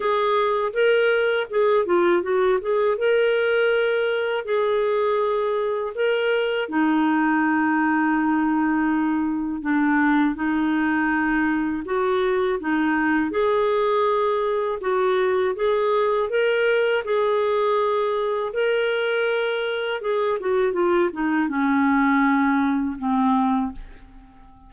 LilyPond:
\new Staff \with { instrumentName = "clarinet" } { \time 4/4 \tempo 4 = 81 gis'4 ais'4 gis'8 f'8 fis'8 gis'8 | ais'2 gis'2 | ais'4 dis'2.~ | dis'4 d'4 dis'2 |
fis'4 dis'4 gis'2 | fis'4 gis'4 ais'4 gis'4~ | gis'4 ais'2 gis'8 fis'8 | f'8 dis'8 cis'2 c'4 | }